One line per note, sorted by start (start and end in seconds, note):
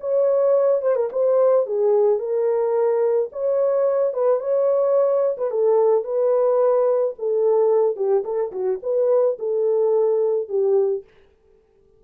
0.00 0.81 C#5
0.81 0.95 C5
0.95 1.09 A#4
1.12 1.66 C5
1.66 2.19 G#4
2.19 3.29 A#4
3.32 4.13 C#5
4.13 4.40 B4
4.40 5.36 C#5
5.37 5.50 B4
5.50 6.04 A4
6.04 7.14 B4
7.18 7.96 A4
7.96 8.23 G4
8.24 8.51 A4
8.51 8.79 F#4
8.82 9.38 B4
9.39 10.48 A4
10.48 11.03 G4